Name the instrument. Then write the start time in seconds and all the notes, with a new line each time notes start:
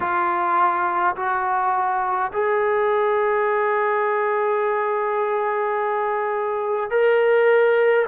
trombone
0.00 F4
1.15 F#4
2.32 G#4
6.90 A#4